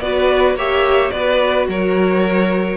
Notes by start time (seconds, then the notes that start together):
0.00 B3 F#4 B4 D5
0.55 A#3 G4 C#5 E5
1.10 B3 F#4 B4 D5
1.68 F#3 A#4 C#5